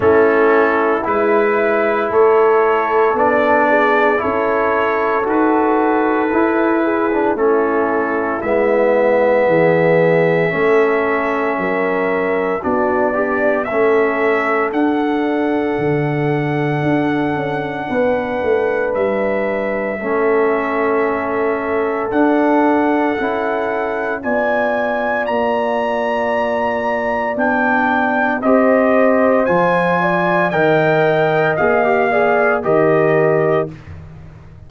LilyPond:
<<
  \new Staff \with { instrumentName = "trumpet" } { \time 4/4 \tempo 4 = 57 a'4 b'4 cis''4 d''4 | cis''4 b'2 a'4 | e''1 | d''4 e''4 fis''2~ |
fis''2 e''2~ | e''4 fis''2 gis''4 | ais''2 g''4 dis''4 | gis''4 g''4 f''4 dis''4 | }
  \new Staff \with { instrumentName = "horn" } { \time 4/4 e'2 a'4. gis'8 | a'2~ a'8 gis'8 e'4~ | e'4 gis'4 a'4 ais'4 | fis'8 d'8 a'2.~ |
a'4 b'2 a'4~ | a'2. d''4~ | d''2. c''4~ | c''8 d''8 dis''4. d''8 ais'4 | }
  \new Staff \with { instrumentName = "trombone" } { \time 4/4 cis'4 e'2 d'4 | e'4 fis'4 e'8. d'16 cis'4 | b2 cis'2 | d'8 g'8 cis'4 d'2~ |
d'2. cis'4~ | cis'4 d'4 e'4 f'4~ | f'2 d'4 g'4 | f'4 ais'4 gis'16 g'16 gis'8 g'4 | }
  \new Staff \with { instrumentName = "tuba" } { \time 4/4 a4 gis4 a4 b4 | cis'4 dis'4 e'4 a4 | gis4 e4 a4 fis4 | b4 a4 d'4 d4 |
d'8 cis'8 b8 a8 g4 a4~ | a4 d'4 cis'4 b4 | ais2 b4 c'4 | f4 dis4 ais4 dis4 | }
>>